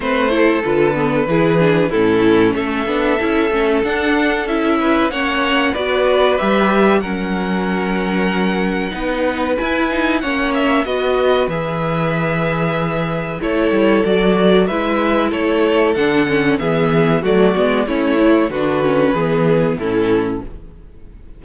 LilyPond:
<<
  \new Staff \with { instrumentName = "violin" } { \time 4/4 \tempo 4 = 94 c''4 b'2 a'4 | e''2 fis''4 e''4 | fis''4 d''4 e''4 fis''4~ | fis''2. gis''4 |
fis''8 e''8 dis''4 e''2~ | e''4 cis''4 d''4 e''4 | cis''4 fis''4 e''4 d''4 | cis''4 b'2 a'4 | }
  \new Staff \with { instrumentName = "violin" } { \time 4/4 b'8 a'4. gis'4 e'4 | a'2.~ a'8 b'8 | cis''4 b'2 ais'4~ | ais'2 b'2 |
cis''4 b'2.~ | b'4 a'2 b'4 | a'2 gis'4 fis'4 | e'4 fis'4 gis'4 e'4 | }
  \new Staff \with { instrumentName = "viola" } { \time 4/4 c'8 e'8 f'8 b8 e'8 d'8 cis'4~ | cis'8 d'8 e'8 cis'8 d'4 e'4 | cis'4 fis'4 g'4 cis'4~ | cis'2 dis'4 e'8 dis'8 |
cis'4 fis'4 gis'2~ | gis'4 e'4 fis'4 e'4~ | e'4 d'8 cis'8 b4 a8 b8 | cis'8 e'8 d'8 cis'8 b4 cis'4 | }
  \new Staff \with { instrumentName = "cello" } { \time 4/4 a4 d4 e4 a,4 | a8 b8 cis'8 a8 d'4 cis'4 | ais4 b4 g4 fis4~ | fis2 b4 e'4 |
ais4 b4 e2~ | e4 a8 g8 fis4 gis4 | a4 d4 e4 fis8 gis8 | a4 d4 e4 a,4 | }
>>